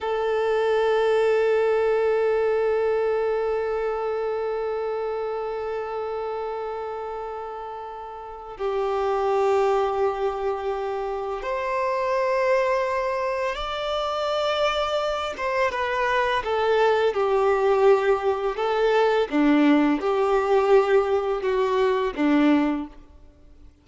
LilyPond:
\new Staff \with { instrumentName = "violin" } { \time 4/4 \tempo 4 = 84 a'1~ | a'1~ | a'1 | g'1 |
c''2. d''4~ | d''4. c''8 b'4 a'4 | g'2 a'4 d'4 | g'2 fis'4 d'4 | }